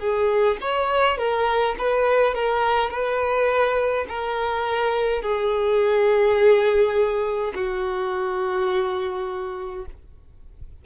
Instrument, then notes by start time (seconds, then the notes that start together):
violin
0.00 G#4
0.61 C#5
1.18 A#4
1.78 B4
2.35 A#4
2.91 B4
4.09 A#4
5.22 G#4
7.55 F#4